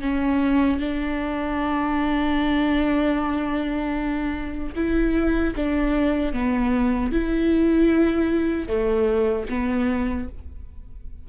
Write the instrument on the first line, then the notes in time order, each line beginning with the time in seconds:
viola
0.00 C#4
0.79 D4
4.75 E4
5.56 D4
6.33 B3
7.12 E4
8.67 A3
9.49 B3